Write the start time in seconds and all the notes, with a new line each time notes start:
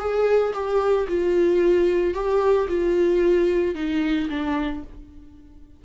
0.00 G#4
0.54 G4
1.08 F4
2.15 G4
2.69 F4
3.75 D#4
4.30 D4